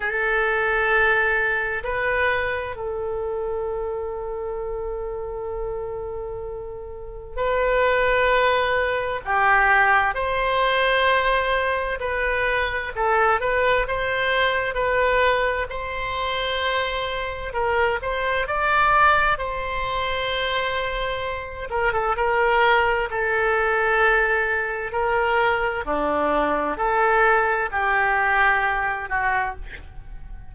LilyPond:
\new Staff \with { instrumentName = "oboe" } { \time 4/4 \tempo 4 = 65 a'2 b'4 a'4~ | a'1 | b'2 g'4 c''4~ | c''4 b'4 a'8 b'8 c''4 |
b'4 c''2 ais'8 c''8 | d''4 c''2~ c''8 ais'16 a'16 | ais'4 a'2 ais'4 | d'4 a'4 g'4. fis'8 | }